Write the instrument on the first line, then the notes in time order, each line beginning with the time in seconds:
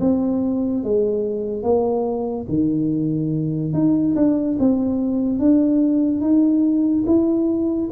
tuba
0.00 C4
0.83 G#3
1.62 A#3
2.48 D#3
3.73 D#4
4.16 D4
4.59 C4
5.39 D4
6.21 D#4
7.06 E4